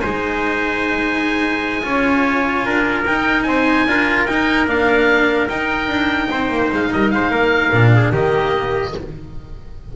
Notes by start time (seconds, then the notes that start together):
0.00 G#3 D#4 C5 G#5
1.82 C#4 F4 C#5
2.65 D4 A#4
3.06 D#4 G5
3.43 C4 C5 G#5
3.86 D4 F4 A#4
4.26 D#4 G5
4.67 A#3 D4 F5
5.48 D#4 G5
5.88 D4
6.30 C4 C5
6.49 A#3
6.72 G#3 F5
6.92 G3 A#4 D#5
7.10 G#3 C5 F5
7.30 A#3 A#4
7.71 A#2 D4
7.95 G#4
8.12 D#3 A#3 G4 D#5